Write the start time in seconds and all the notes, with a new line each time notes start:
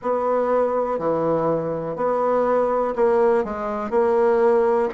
0.01 B3
0.98 E3
1.96 B3
2.95 A#3
3.44 G#3
3.90 A#3